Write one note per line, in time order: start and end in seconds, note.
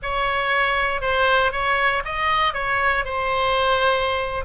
0.02 1.01 C#5
1.01 1.52 C5
1.52 2.02 C#5
2.05 2.53 D#5
2.53 3.04 C#5
3.04 4.44 C5